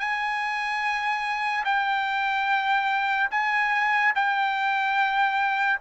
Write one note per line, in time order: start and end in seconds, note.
0.00 1.64 G#5
1.65 3.30 G5
3.31 4.14 G#5
4.15 5.80 G5